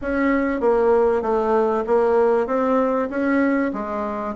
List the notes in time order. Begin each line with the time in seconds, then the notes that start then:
0.01 C#4
0.60 A#3
1.22 A3
1.87 A#3
2.46 C4
3.10 C#4
3.73 G#3